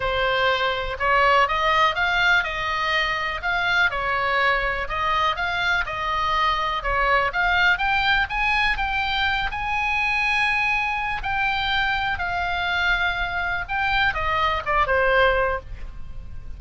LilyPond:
\new Staff \with { instrumentName = "oboe" } { \time 4/4 \tempo 4 = 123 c''2 cis''4 dis''4 | f''4 dis''2 f''4 | cis''2 dis''4 f''4 | dis''2 cis''4 f''4 |
g''4 gis''4 g''4. gis''8~ | gis''2. g''4~ | g''4 f''2. | g''4 dis''4 d''8 c''4. | }